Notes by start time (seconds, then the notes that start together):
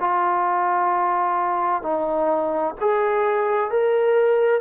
0.00 F4
1.83 D#4
2.81 G#4
3.71 A#4